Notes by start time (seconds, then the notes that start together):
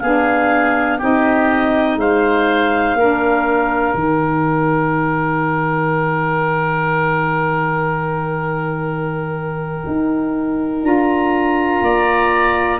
0.00 B3 D4 G#4 F5
0.98 C4 D#4 G4 D#5
1.95 G#3 C5 F5
2.94 A#3 D4 A#4
3.94 D#3 D#4 G5
9.86 D#4
10.81 D4 F4 A#5
11.81 A#3 D5